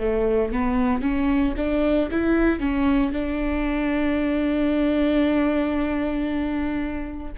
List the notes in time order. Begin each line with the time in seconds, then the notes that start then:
0.00 A3
0.53 B3
1.02 C#4
1.57 D4
2.11 E4
2.60 C#4
3.13 D4